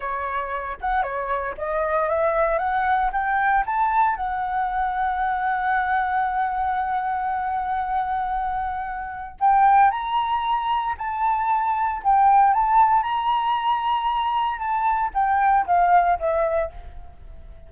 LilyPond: \new Staff \with { instrumentName = "flute" } { \time 4/4 \tempo 4 = 115 cis''4. fis''8 cis''4 dis''4 | e''4 fis''4 g''4 a''4 | fis''1~ | fis''1~ |
fis''2 g''4 ais''4~ | ais''4 a''2 g''4 | a''4 ais''2. | a''4 g''4 f''4 e''4 | }